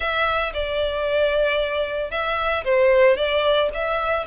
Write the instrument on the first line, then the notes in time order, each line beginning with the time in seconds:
violin
0.00 E5
0.53 D5
2.10 E5
2.64 C5
3.16 D5
3.74 E5